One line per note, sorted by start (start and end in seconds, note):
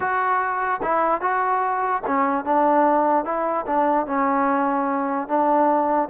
0.00 0.81 F#4
0.82 1.21 E4
1.21 2.02 F#4
2.06 2.44 C#4
2.44 3.25 D4
3.25 3.65 E4
3.66 4.06 D4
4.06 5.27 C#4
5.27 6.08 D4